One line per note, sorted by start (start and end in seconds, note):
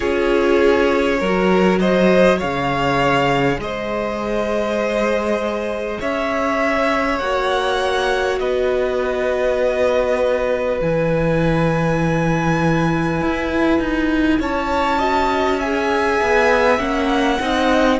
0.00 1.21 C#4
0.00 1.19 F4
0.00 1.18 G#4
0.00 1.79 C#5
1.19 2.41 F#3
1.19 2.43 F#4
1.19 1.79 A#4
1.79 2.38 C5
1.79 2.39 D#5
2.38 3.58 C#3
2.38 7.22 G#4
2.38 3.58 C#5
2.38 3.59 F5
3.58 5.98 G#3
3.58 6.00 C5
3.58 6.01 D#5
6.00 7.20 C#4
6.00 8.39 C#5
6.00 7.19 E5
7.19 8.39 A#3
7.19 10.81 F#4
7.19 8.38 F#5
8.39 10.79 B3
8.39 14.39 B4
8.39 10.79 D#5
10.81 13.21 E3
10.81 15.00 E4
10.81 14.41 G#5
13.21 13.79 E4
13.79 14.39 D#4
14.39 16.19 C#4
14.39 14.98 C#5
14.39 15.60 A5
14.98 15.60 F#4
14.98 15.58 D#5
15.58 16.78 G#4
15.58 17.38 E5
15.58 16.79 G#5
16.21 16.79 B3
16.78 17.39 A#3
16.78 17.38 C#4
16.78 17.99 F#5
17.39 17.99 C4
17.39 17.99 D#4
17.39 17.99 D#5